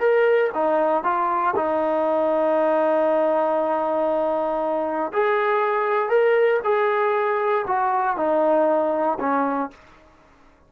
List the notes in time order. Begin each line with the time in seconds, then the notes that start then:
0.00 A#4
0.55 D#4
1.04 F4
1.56 D#4
5.13 G#4
6.09 A#4
6.64 G#4
7.68 F#4
8.17 D#4
9.20 C#4